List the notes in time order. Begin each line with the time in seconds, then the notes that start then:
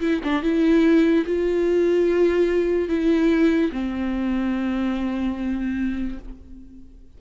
0.00 E4
0.23 D4
0.42 E4
1.26 F4
2.88 E4
3.72 C4